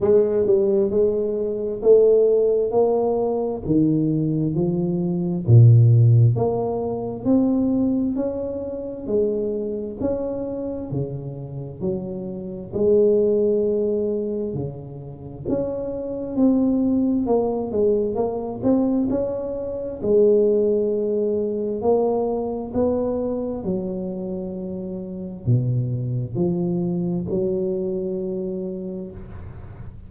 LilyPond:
\new Staff \with { instrumentName = "tuba" } { \time 4/4 \tempo 4 = 66 gis8 g8 gis4 a4 ais4 | dis4 f4 ais,4 ais4 | c'4 cis'4 gis4 cis'4 | cis4 fis4 gis2 |
cis4 cis'4 c'4 ais8 gis8 | ais8 c'8 cis'4 gis2 | ais4 b4 fis2 | b,4 f4 fis2 | }